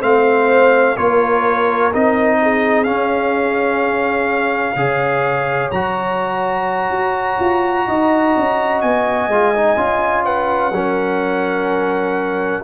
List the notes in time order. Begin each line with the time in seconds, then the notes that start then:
0.00 A3 C4 C5 F5
0.95 A#3 F4 A#4 C#5
1.93 C4 D#4 D#5
2.42 G#4
2.84 C#4 F5
4.76 C#3 G#4 C#5
5.72 F#3 F#4 A#5
6.91 F#4
7.40 F4
7.88 D#4 D#5
8.36 C#4
8.82 B3 G#5
9.28 G#3 F4
9.56 D#4
9.77 C#4 F4
10.26 B4 F#5
10.72 F#3 C#4 A#4